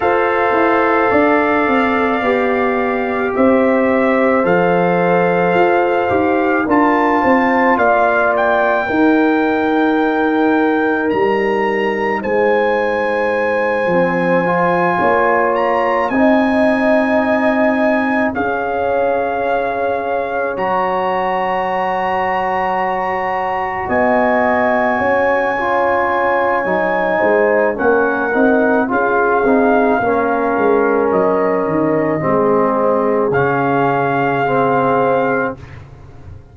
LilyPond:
<<
  \new Staff \with { instrumentName = "trumpet" } { \time 4/4 \tempo 4 = 54 f''2. e''4 | f''2 a''4 f''8 g''8~ | g''2 ais''4 gis''4~ | gis''2 ais''8 gis''4.~ |
gis''8 f''2 ais''4.~ | ais''4. gis''2~ gis''8~ | gis''4 fis''4 f''2 | dis''2 f''2 | }
  \new Staff \with { instrumentName = "horn" } { \time 4/4 c''4 d''2 c''4~ | c''2 ais'8 c''8 d''4 | ais'2. c''4~ | c''4. cis''4 dis''4.~ |
dis''8 cis''2.~ cis''8~ | cis''4. dis''4 cis''4.~ | cis''8 c''8 ais'4 gis'4 ais'4~ | ais'4 gis'2. | }
  \new Staff \with { instrumentName = "trombone" } { \time 4/4 a'2 g'2 | a'4. g'8 f'2 | dis'1~ | dis'8 c'8 f'4. dis'4.~ |
dis'8 gis'2 fis'4.~ | fis'2. f'4 | dis'4 cis'8 dis'8 f'8 dis'8 cis'4~ | cis'4 c'4 cis'4 c'4 | }
  \new Staff \with { instrumentName = "tuba" } { \time 4/4 f'8 e'8 d'8 c'8 b4 c'4 | f4 f'8 dis'8 d'8 c'8 ais4 | dis'2 g4 gis4~ | gis8 f4 ais4 c'4.~ |
c'8 cis'2 fis4.~ | fis4. b4 cis'4. | fis8 gis8 ais8 c'8 cis'8 c'8 ais8 gis8 | fis8 dis8 gis4 cis2 | }
>>